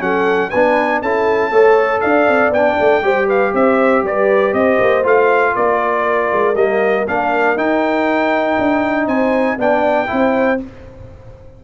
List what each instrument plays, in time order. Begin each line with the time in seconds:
0.00 tuba F#3, trombone C#4, horn A4, trumpet F#5
0.50 tuba B3, trombone D4, horn B4, trumpet G#5
1.02 tuba C#4, trombone E4, horn A4, trumpet A5
1.51 tuba A3, trombone A4, horn C#5
2.01 tuba D4, horn D5, trumpet F5
2.28 tuba C4
2.50 tuba B3, trumpet G5
2.56 trombone D4
2.80 tuba A3
3.02 tuba G3, trombone G4, horn C5
3.27 horn B4, trumpet F5
3.54 tuba C4, horn C5, trumpet E5
4.04 tuba G3, horn B4, trumpet D5
4.53 tuba C4, horn C5, trumpet D#5
4.80 tuba A#3
5.03 tuba A3, trombone F4, trumpet F5
5.55 tuba A#3, horn A#4, trumpet D5
6.33 tuba G#3
6.55 tuba G3, trombone A#3, trumpet D#5
7.08 tuba A#3, trombone D4, trumpet F5
7.56 tuba D#4, trombone D#4, trumpet G5
8.59 tuba D4
9.07 tuba C4, horn C5, trumpet G#5
9.58 tuba B3, trombone D4, horn D5, trumpet G5
10.07 tuba C4, trombone E4
10.14 horn C5